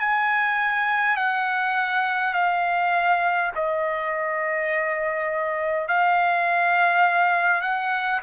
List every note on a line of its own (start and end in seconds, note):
0.00 1.17 G#5
1.17 2.34 F#5
2.34 3.52 F5
3.56 5.88 D#5
5.88 7.61 F5
7.61 8.20 F#5